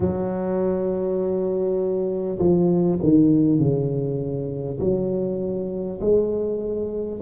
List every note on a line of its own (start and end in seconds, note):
0.00 2.38 F#3
2.38 2.98 F3
3.02 3.59 D#3
3.59 4.79 C#3
4.80 6.00 F#3
6.00 7.20 G#3